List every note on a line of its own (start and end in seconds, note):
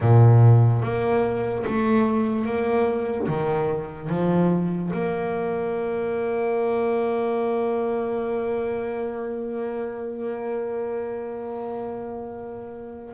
0.00 0.82 A#2
0.82 1.64 A#3
1.66 2.45 A3
2.45 3.27 A#3
3.27 4.09 D#3
4.09 4.91 F3
4.93 13.14 A#3